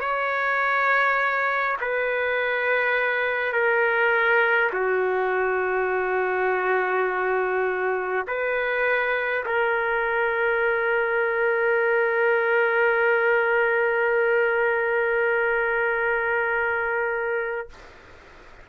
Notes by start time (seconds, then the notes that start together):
0.00 C#5
1.81 B4
3.52 A#4
4.73 F#4
8.27 B4
9.45 A#4